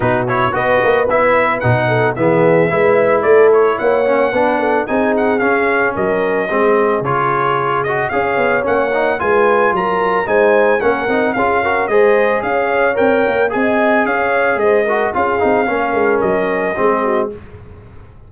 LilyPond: <<
  \new Staff \with { instrumentName = "trumpet" } { \time 4/4 \tempo 4 = 111 b'8 cis''8 dis''4 e''4 fis''4 | e''2 d''8 cis''8 fis''4~ | fis''4 gis''8 fis''8 f''4 dis''4~ | dis''4 cis''4. dis''8 f''4 |
fis''4 gis''4 ais''4 gis''4 | fis''4 f''4 dis''4 f''4 | g''4 gis''4 f''4 dis''4 | f''2 dis''2 | }
  \new Staff \with { instrumentName = "horn" } { \time 4/4 fis'4 b'2~ b'8 a'8 | gis'4 b'4 a'4 cis''4 | b'8 a'8 gis'2 ais'4 | gis'2. cis''4~ |
cis''4 b'4 ais'4 c''4 | ais'4 gis'8 ais'8 c''4 cis''4~ | cis''4 dis''4 cis''4 c''8 ais'8 | gis'4 ais'2 gis'8 fis'8 | }
  \new Staff \with { instrumentName = "trombone" } { \time 4/4 dis'8 e'8 fis'4 e'4 dis'4 | b4 e'2~ e'8 cis'8 | d'4 dis'4 cis'2 | c'4 f'4. fis'8 gis'4 |
cis'8 dis'8 f'2 dis'4 | cis'8 dis'8 f'8 fis'8 gis'2 | ais'4 gis'2~ gis'8 fis'8 | f'8 dis'8 cis'2 c'4 | }
  \new Staff \with { instrumentName = "tuba" } { \time 4/4 b,4 b8 ais8 b4 b,4 | e4 gis4 a4 ais4 | b4 c'4 cis'4 fis4 | gis4 cis2 cis'8 b8 |
ais4 gis4 fis4 gis4 | ais8 c'8 cis'4 gis4 cis'4 | c'8 ais8 c'4 cis'4 gis4 | cis'8 c'8 ais8 gis8 fis4 gis4 | }
>>